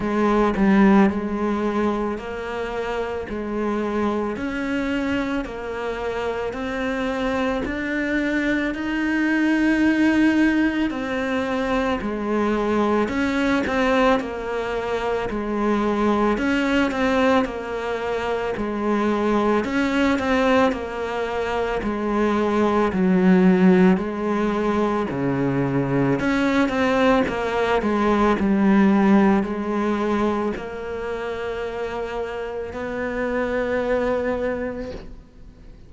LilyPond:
\new Staff \with { instrumentName = "cello" } { \time 4/4 \tempo 4 = 55 gis8 g8 gis4 ais4 gis4 | cis'4 ais4 c'4 d'4 | dis'2 c'4 gis4 | cis'8 c'8 ais4 gis4 cis'8 c'8 |
ais4 gis4 cis'8 c'8 ais4 | gis4 fis4 gis4 cis4 | cis'8 c'8 ais8 gis8 g4 gis4 | ais2 b2 | }